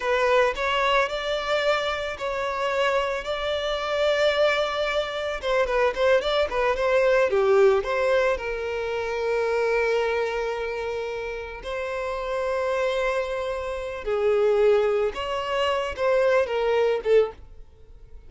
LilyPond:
\new Staff \with { instrumentName = "violin" } { \time 4/4 \tempo 4 = 111 b'4 cis''4 d''2 | cis''2 d''2~ | d''2 c''8 b'8 c''8 d''8 | b'8 c''4 g'4 c''4 ais'8~ |
ais'1~ | ais'4. c''2~ c''8~ | c''2 gis'2 | cis''4. c''4 ais'4 a'8 | }